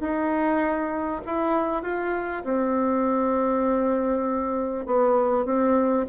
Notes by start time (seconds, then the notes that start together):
0.00 D#4
1.26 E4
1.83 F4
2.44 C4
4.86 B3
5.45 C4